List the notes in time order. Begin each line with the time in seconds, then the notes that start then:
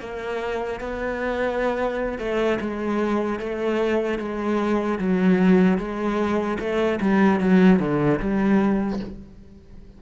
0.00 A#3
0.80 B3
2.18 A3
2.60 G#3
3.39 A3
4.19 G#3
4.99 F#3
5.77 G#3
6.59 A3
7.01 G3
7.40 F#3
7.79 D3
8.20 G3